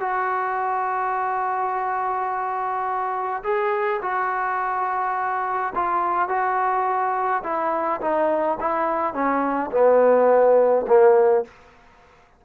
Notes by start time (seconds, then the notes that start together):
0.00 F#4
3.43 G#4
4.02 F#4
5.75 F4
6.28 F#4
7.43 E4
8.01 D#4
8.60 E4
9.14 C#4
9.71 B3
10.87 A#3